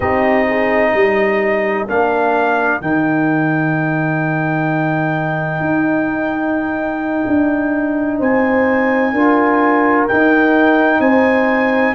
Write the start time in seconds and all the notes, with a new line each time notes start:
0.00 C4 D#4 G4 D#5
0.48 G#4
0.90 G3 A#4
1.88 A#3 D4 F5
2.81 D#3 D#4 G5
5.60 D#4
7.27 D4
8.19 C4 C5 G#5
9.12 D4 F4 A#4
10.07 D#4 G5
10.99 C4 C5 G#5